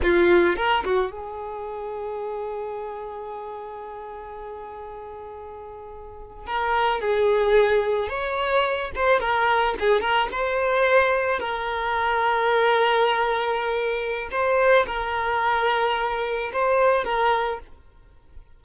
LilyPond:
\new Staff \with { instrumentName = "violin" } { \time 4/4 \tempo 4 = 109 f'4 ais'8 fis'8 gis'2~ | gis'1~ | gis'2.~ gis'8. ais'16~ | ais'8. gis'2 cis''4~ cis''16~ |
cis''16 c''8 ais'4 gis'8 ais'8 c''4~ c''16~ | c''8. ais'2.~ ais'16~ | ais'2 c''4 ais'4~ | ais'2 c''4 ais'4 | }